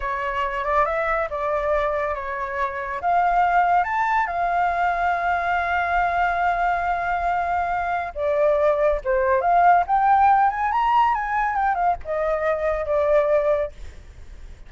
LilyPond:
\new Staff \with { instrumentName = "flute" } { \time 4/4 \tempo 4 = 140 cis''4. d''8 e''4 d''4~ | d''4 cis''2 f''4~ | f''4 a''4 f''2~ | f''1~ |
f''2. d''4~ | d''4 c''4 f''4 g''4~ | g''8 gis''8 ais''4 gis''4 g''8 f''8 | dis''2 d''2 | }